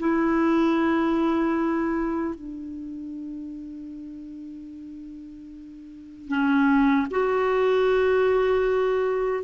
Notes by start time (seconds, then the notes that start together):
0.00 E4
2.35 D4
6.28 C#4
7.11 F#4